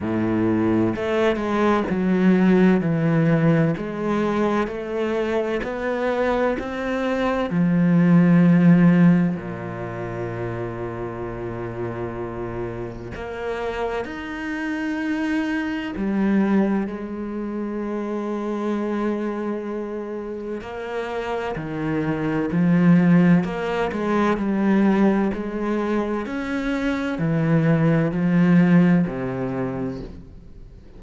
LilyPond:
\new Staff \with { instrumentName = "cello" } { \time 4/4 \tempo 4 = 64 a,4 a8 gis8 fis4 e4 | gis4 a4 b4 c'4 | f2 ais,2~ | ais,2 ais4 dis'4~ |
dis'4 g4 gis2~ | gis2 ais4 dis4 | f4 ais8 gis8 g4 gis4 | cis'4 e4 f4 c4 | }